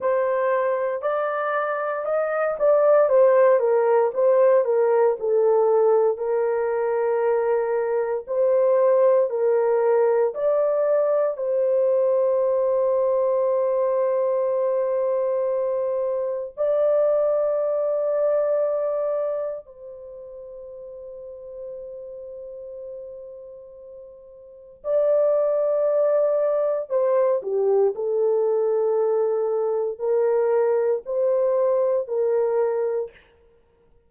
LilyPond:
\new Staff \with { instrumentName = "horn" } { \time 4/4 \tempo 4 = 58 c''4 d''4 dis''8 d''8 c''8 ais'8 | c''8 ais'8 a'4 ais'2 | c''4 ais'4 d''4 c''4~ | c''1 |
d''2. c''4~ | c''1 | d''2 c''8 g'8 a'4~ | a'4 ais'4 c''4 ais'4 | }